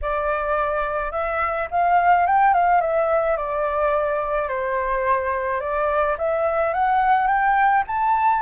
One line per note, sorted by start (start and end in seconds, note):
0.01 1.11 D5
1.11 1.67 E5
1.70 2.26 F5
2.26 2.53 G5
2.53 2.80 F5
2.80 3.36 E5
3.36 4.48 D5
4.48 5.60 C5
5.60 6.16 D5
6.17 6.73 E5
6.73 7.27 F#5
7.27 7.83 G5
7.87 8.42 A5